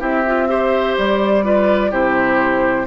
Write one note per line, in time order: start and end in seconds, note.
0.00 0.96 C4
0.00 0.24 E4
0.00 0.48 G4
0.00 0.97 E5
0.27 0.49 F4
0.49 1.44 G4
0.49 1.45 C5
0.98 1.92 G3
0.98 1.93 D5
1.44 1.91 F4
1.44 1.91 B4
1.91 2.87 C3
1.91 2.86 E4
1.91 2.86 G4
1.91 2.87 C5